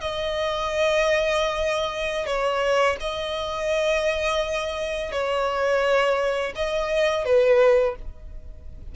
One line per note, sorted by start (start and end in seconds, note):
0.00 2.26 D#5
2.26 2.96 C#5
3.00 5.11 D#5
5.11 6.53 C#5
6.55 7.24 D#5
7.24 7.95 B4